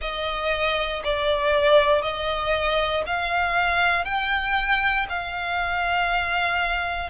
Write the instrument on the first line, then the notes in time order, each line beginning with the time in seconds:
violin
0.01 D#5
1.04 D5
2.02 D#5
3.06 F5
4.04 G5
5.08 F5